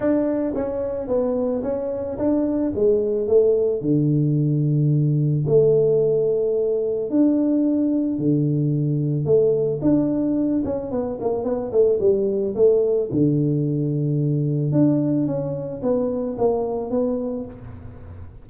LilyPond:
\new Staff \with { instrumentName = "tuba" } { \time 4/4 \tempo 4 = 110 d'4 cis'4 b4 cis'4 | d'4 gis4 a4 d4~ | d2 a2~ | a4 d'2 d4~ |
d4 a4 d'4. cis'8 | b8 ais8 b8 a8 g4 a4 | d2. d'4 | cis'4 b4 ais4 b4 | }